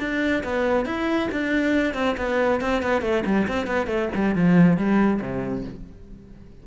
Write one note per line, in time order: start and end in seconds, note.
0.00 0.43 D4
0.44 0.86 B3
0.86 1.29 E4
1.32 1.94 D4
1.94 2.16 C4
2.18 2.61 B3
2.61 2.83 C4
2.83 3.02 B3
3.02 3.24 A3
3.26 3.48 G3
3.48 3.67 C4
3.67 3.87 B3
3.87 4.09 A3
4.15 4.36 G3
4.36 4.77 F3
4.77 5.21 G3
5.21 5.65 C3